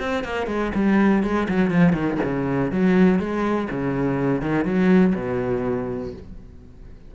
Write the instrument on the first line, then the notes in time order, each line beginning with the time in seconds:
cello
0.00 C4
0.24 A#3
0.47 G#3
0.75 G3
1.23 G#3
1.49 F#3
1.71 F3
1.93 D#3
2.24 C#3
2.72 F#3
3.19 G#3
3.71 C#3
4.42 D#3
4.65 F#3
5.15 B2